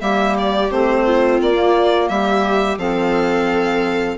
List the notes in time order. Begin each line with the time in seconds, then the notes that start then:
0.00 G3 A#3 G4 E5
0.39 D5
0.70 A3 C4 C5
1.06 F4
1.42 A#3 D5
1.55 A#3
2.09 G3 G4 E5
2.78 F3 C4 A4 F5